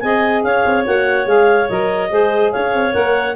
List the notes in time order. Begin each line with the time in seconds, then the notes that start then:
0.00 C4 G#4 D#5 G#5
0.43 C#4 C#5 F5
0.66 C4
0.85 A#3 F#4 F#5
1.25 G#3 G#4 F5
1.69 F#3 A#4 D#5
2.10 G#3 G#4 C5
2.52 C#4 C#5 F5
2.74 C4
2.92 A#3 A#4 F#5